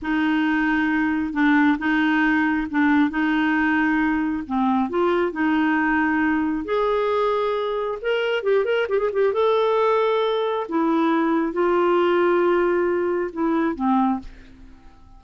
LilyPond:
\new Staff \with { instrumentName = "clarinet" } { \time 4/4 \tempo 4 = 135 dis'2. d'4 | dis'2 d'4 dis'4~ | dis'2 c'4 f'4 | dis'2. gis'4~ |
gis'2 ais'4 g'8 ais'8 | g'16 gis'16 g'8 a'2. | e'2 f'2~ | f'2 e'4 c'4 | }